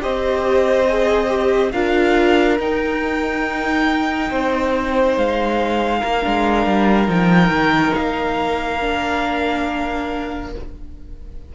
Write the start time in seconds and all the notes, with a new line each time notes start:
0.00 C4 G4 C5 D#5
0.89 G#4
1.27 G4
1.72 D4 F4 A#4 F5
2.59 D#4 G5
4.29 C4 C5
5.17 G#3 F5
5.98 A#3 A#4
6.22 G#3 D4
6.66 G3
7.07 F3 D#4 G5
7.49 D#3
7.94 A#3 F5
8.80 D4